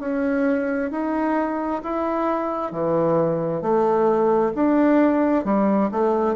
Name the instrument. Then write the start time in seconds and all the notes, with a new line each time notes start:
bassoon
0.00 C#4
0.91 D#4
1.83 E4
2.72 E3
3.62 A3
4.55 D4
5.45 G3
5.92 A3